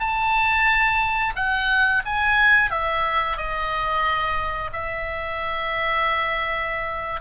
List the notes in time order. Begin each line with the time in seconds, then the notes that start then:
0.00 A5
1.36 F#5
2.05 G#5
2.71 E5
3.38 D#5
4.73 E5